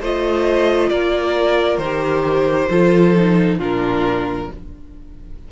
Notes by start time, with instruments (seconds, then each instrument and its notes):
0.00 cello A3, viola F4, violin C5 D#5
0.89 cello A#3, violin A#4 D5
1.78 cello D#3, violin C5
1.84 viola G4
2.70 cello F3, viola F4, violin A4
3.16 viola D#4
3.58 cello A#2, viola D4, violin F4 A#4